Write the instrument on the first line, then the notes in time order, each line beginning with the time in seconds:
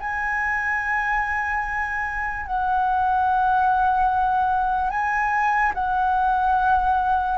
flute
0.00 G#5
2.47 F#5
4.91 G#5
5.75 F#5